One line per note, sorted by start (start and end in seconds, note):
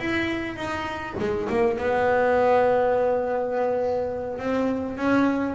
0.00 0.56 E4
0.56 1.15 D#4
1.19 1.49 G#3
1.50 1.78 A#3
1.78 4.39 B3
4.39 4.97 C4
4.97 5.55 C#4